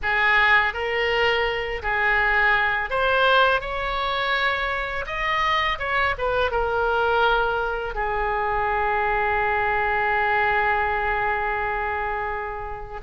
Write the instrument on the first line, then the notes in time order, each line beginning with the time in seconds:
oboe
0.02 G#4
0.73 A#4
1.82 G#4
2.89 C5
3.60 C#5
5.06 D#5
5.78 C#5
6.17 B4
6.51 A#4
7.94 G#4